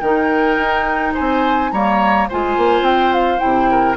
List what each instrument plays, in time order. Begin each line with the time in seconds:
0.00 bassoon D#3, clarinet D#4, oboe A#4, flute G5
0.57 bassoon D#4
1.14 bassoon C4, oboe C5, flute G#5
1.71 bassoon G3, clarinet A#3, oboe C#5, flute A#5
2.29 bassoon G#3, clarinet F4, oboe C5, flute G#5
2.57 bassoon A#3
2.81 bassoon C4, flute G5
3.14 flute F5
3.38 bassoon C3, clarinet E4, flute G5
3.71 oboe A#4